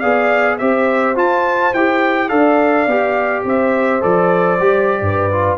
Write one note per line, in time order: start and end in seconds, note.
0.00 0.61 B3
0.00 0.60 G#4
0.00 0.57 D5
0.00 0.58 F5
0.59 1.17 C4
0.59 1.16 G4
0.59 2.31 C5
0.59 1.16 E5
1.16 1.73 F4
1.16 1.74 F4
1.16 1.74 A5
1.74 2.31 E4
1.74 2.30 G4
1.74 2.29 G5
2.29 2.88 D4
2.29 2.87 A4
2.29 3.44 D5
2.29 3.44 F5
2.88 3.45 B3
2.88 4.01 G4
3.44 4.02 C4
3.44 5.02 C5
3.44 4.03 E5
4.01 4.60 F3
4.01 4.58 A4
4.01 5.58 D5
4.60 5.02 G3
4.60 5.32 G4
5.02 5.58 G2
5.02 5.58 B4
5.32 5.58 F4